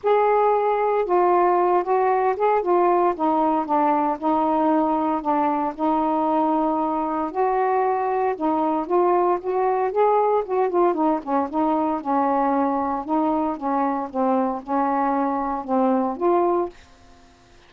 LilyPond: \new Staff \with { instrumentName = "saxophone" } { \time 4/4 \tempo 4 = 115 gis'2 f'4. fis'8~ | fis'8 gis'8 f'4 dis'4 d'4 | dis'2 d'4 dis'4~ | dis'2 fis'2 |
dis'4 f'4 fis'4 gis'4 | fis'8 f'8 dis'8 cis'8 dis'4 cis'4~ | cis'4 dis'4 cis'4 c'4 | cis'2 c'4 f'4 | }